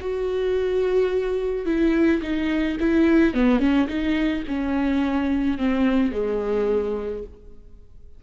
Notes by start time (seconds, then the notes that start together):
0.00 F#4
1.65 E4
2.22 D#4
2.80 E4
3.34 B3
3.59 C#4
3.87 D#4
4.47 C#4
5.58 C4
6.12 G#3